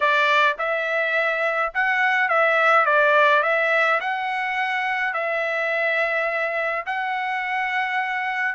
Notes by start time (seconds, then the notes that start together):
0.00 D5
0.58 E5
1.74 F#5
2.29 E5
2.85 D5
3.42 E5
4.00 F#5
5.13 E5
6.85 F#5